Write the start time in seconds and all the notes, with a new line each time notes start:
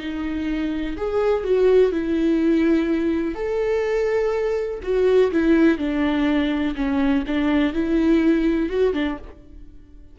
0.00 D#4
0.97 G#4
1.44 F#4
1.92 E4
3.35 A4
4.83 F#4
5.32 E4
5.78 D4
6.76 C#4
7.27 D4
7.74 E4
8.70 F#4
8.94 D4